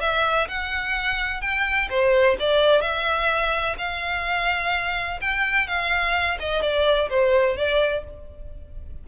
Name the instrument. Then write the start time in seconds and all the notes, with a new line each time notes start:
violin
0.00 E5
0.47 F#5
1.41 G5
1.89 C5
2.39 D5
2.81 E5
3.78 F5
5.21 G5
5.67 F5
6.39 D#5
6.62 D5
7.09 C5
7.57 D5